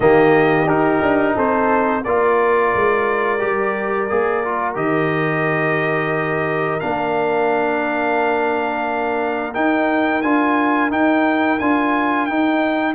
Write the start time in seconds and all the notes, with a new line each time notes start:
0.00 D#3 A#3 G4 D#5
0.66 D#4 A#4
1.01 D4
1.35 C4 A4 C5
2.04 A#3 F4 A#4 D5
2.74 G#3
3.38 G3 G4
4.09 A#3 G#4
4.44 F4
4.75 D#3 G4 D#5
6.80 A#3 D4 F5
9.54 D#4 G5
10.22 D4 F4 G#5
10.90 D#4 G5
11.59 D4 F4 G#5
12.25 D#4 G5